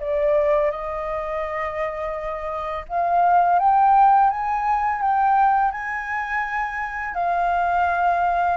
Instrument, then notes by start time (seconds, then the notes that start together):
flute
0.00 D5
0.71 D#5
2.88 F5
3.59 G5
4.30 G#5
5.01 G5
5.71 G#5
7.14 F5